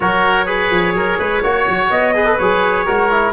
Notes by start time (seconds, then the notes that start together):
0.00 F#3 F#4 A#4 C#5
0.46 G#4 B4
0.70 F3
0.93 F#3 A#4
1.18 G#3 B4
1.43 A#3 F#4 C#5
1.68 F#3
1.90 B3 D#5
2.14 G#4 B4
2.25 A4
2.38 F#3 G#4 C#5
2.85 G#3 F#4 A#4
3.10 E4